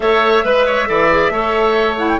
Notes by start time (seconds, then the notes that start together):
0.00 A3 A4 C#5 E5
0.44 G#3 B4
0.66 C#5
0.86 E3 A4 D5
1.10 G#4
1.30 A3 A4 C#5
1.98 E4 F#5
2.08 G5